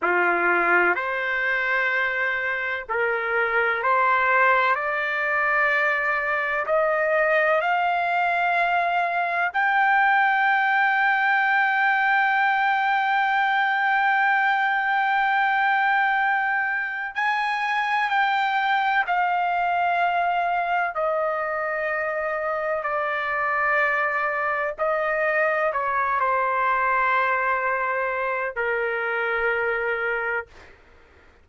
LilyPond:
\new Staff \with { instrumentName = "trumpet" } { \time 4/4 \tempo 4 = 63 f'4 c''2 ais'4 | c''4 d''2 dis''4 | f''2 g''2~ | g''1~ |
g''2 gis''4 g''4 | f''2 dis''2 | d''2 dis''4 cis''8 c''8~ | c''2 ais'2 | }